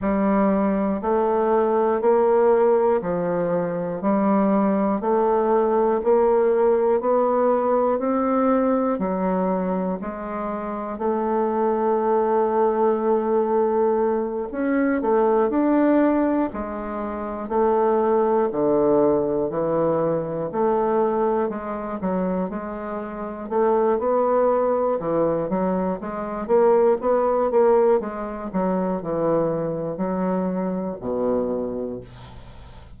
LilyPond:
\new Staff \with { instrumentName = "bassoon" } { \time 4/4 \tempo 4 = 60 g4 a4 ais4 f4 | g4 a4 ais4 b4 | c'4 fis4 gis4 a4~ | a2~ a8 cis'8 a8 d'8~ |
d'8 gis4 a4 d4 e8~ | e8 a4 gis8 fis8 gis4 a8 | b4 e8 fis8 gis8 ais8 b8 ais8 | gis8 fis8 e4 fis4 b,4 | }